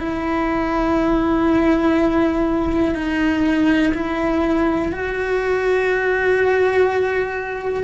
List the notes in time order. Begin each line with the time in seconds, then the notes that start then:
0.00 E4
2.95 D#4
3.94 E4
4.92 F#4